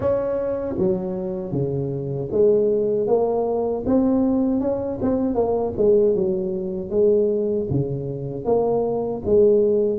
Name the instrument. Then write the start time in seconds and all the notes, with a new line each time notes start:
tuba
0.00 C#4
0.78 F#3
1.51 C#3
2.31 G#3
3.07 A#3
3.86 C4
4.60 C#4
5.01 C4
5.35 A#3
5.77 G#3
6.15 F#3
6.90 G#3
7.70 C#3
8.44 A#3
9.25 G#3